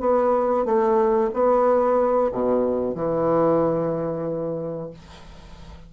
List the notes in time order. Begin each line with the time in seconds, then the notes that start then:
0.00 B3
0.65 A3
1.33 B3
2.32 B2
2.95 E3